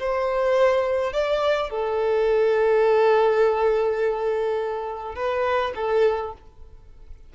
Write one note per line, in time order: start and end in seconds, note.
0.00 1.13 C5
1.13 1.70 D5
1.70 5.16 A4
5.16 5.73 B4
5.76 6.34 A4